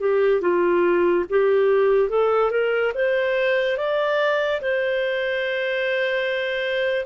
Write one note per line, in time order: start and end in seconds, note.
0.00 0.41 G4
0.41 1.24 F4
1.30 2.09 G4
2.09 2.50 A4
2.51 2.92 A#4
2.94 3.77 C5
3.77 4.60 D5
4.61 7.05 C5